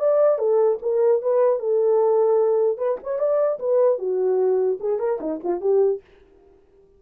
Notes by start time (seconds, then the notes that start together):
0.00 D5
0.39 A4
0.82 A#4
1.22 B4
1.59 A4
2.78 B4
3.03 C#5
3.19 D5
3.60 B4
3.99 F#4
4.80 G#4
5.00 A#4
5.21 D#4
5.44 F4
5.61 G4